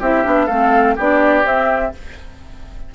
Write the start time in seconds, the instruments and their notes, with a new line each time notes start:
0.00 bassoon C4, clarinet E4, oboe G4, flute E5
0.24 bassoon B3, clarinet D4
0.46 bassoon A3, clarinet C4, oboe A4, flute F5
0.96 bassoon B3, clarinet D4, oboe G4, flute D5
1.44 clarinet C4, bassoon C4, flute E5